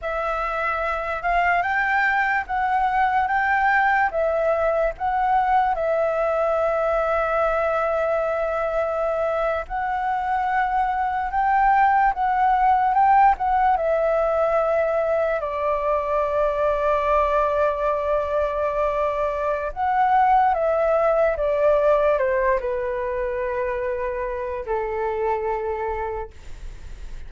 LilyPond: \new Staff \with { instrumentName = "flute" } { \time 4/4 \tempo 4 = 73 e''4. f''8 g''4 fis''4 | g''4 e''4 fis''4 e''4~ | e''2.~ e''8. fis''16~ | fis''4.~ fis''16 g''4 fis''4 g''16~ |
g''16 fis''8 e''2 d''4~ d''16~ | d''1 | fis''4 e''4 d''4 c''8 b'8~ | b'2 a'2 | }